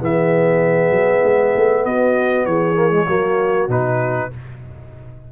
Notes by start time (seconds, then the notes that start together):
0.00 E3 B3 G#4 E5
0.90 F#3
1.23 G#3
1.56 A3
1.84 B3 F#4 D#5
2.45 E3 G#4 C#5
2.75 A#3
2.90 G#3
3.06 F#3 A#3 F#4
3.68 B2 D#4 B4